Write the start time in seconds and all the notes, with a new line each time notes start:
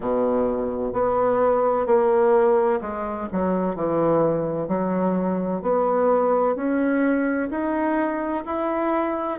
0.00 B2
0.92 B3
1.86 A#3
2.81 G#3
3.32 F#3
3.75 E3
4.68 F#3
5.62 B3
6.55 C#4
7.50 D#4
8.45 E4